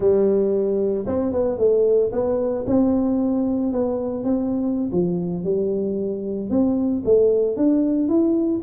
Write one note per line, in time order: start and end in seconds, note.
0.00 1.05 G3
1.06 1.32 C4
1.32 1.58 B3
1.58 2.11 A3
2.12 2.65 B3
2.66 3.72 C4
3.72 4.24 B3
4.24 4.90 C4
4.91 5.44 F3
5.44 6.49 G3
6.49 7.03 C4
7.05 7.56 A3
7.56 8.08 D4
8.08 8.61 E4